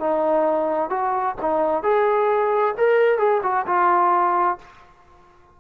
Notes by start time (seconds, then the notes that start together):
0.00 D#4
0.90 F#4
1.42 D#4
1.83 G#4
2.78 A#4
3.19 G#4
3.44 F#4
3.67 F4